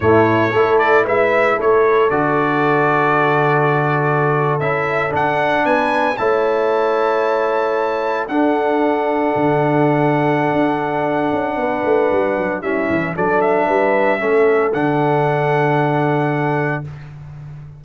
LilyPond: <<
  \new Staff \with { instrumentName = "trumpet" } { \time 4/4 \tempo 4 = 114 cis''4. d''8 e''4 cis''4 | d''1~ | d''8. e''4 fis''4 gis''4 a''16~ | a''2.~ a''8. fis''16~ |
fis''1~ | fis''1 | e''4 d''8 e''2~ e''8 | fis''1 | }
  \new Staff \with { instrumentName = "horn" } { \time 4/4 e'4 a'4 b'4 a'4~ | a'1~ | a'2~ a'8. b'4 cis''16~ | cis''2.~ cis''8. a'16~ |
a'1~ | a'2 b'2 | e'4 a'4 b'4 a'4~ | a'1 | }
  \new Staff \with { instrumentName = "trombone" } { \time 4/4 a4 e'2. | fis'1~ | fis'8. e'4 d'2 e'16~ | e'2.~ e'8. d'16~ |
d'1~ | d'1 | cis'4 d'2 cis'4 | d'1 | }
  \new Staff \with { instrumentName = "tuba" } { \time 4/4 a,4 a4 gis4 a4 | d1~ | d8. cis'4 d'4 b4 a16~ | a2.~ a8. d'16~ |
d'4.~ d'16 d2~ d16 | d'4. cis'8 b8 a8 g8 fis8 | g8 e8 fis4 g4 a4 | d1 | }
>>